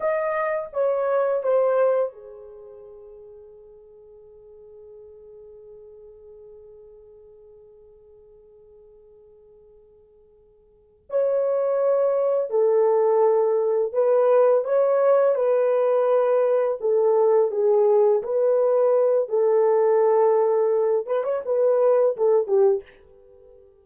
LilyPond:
\new Staff \with { instrumentName = "horn" } { \time 4/4 \tempo 4 = 84 dis''4 cis''4 c''4 gis'4~ | gis'1~ | gis'1~ | gis'2.~ gis'8 cis''8~ |
cis''4. a'2 b'8~ | b'8 cis''4 b'2 a'8~ | a'8 gis'4 b'4. a'4~ | a'4. b'16 cis''16 b'4 a'8 g'8 | }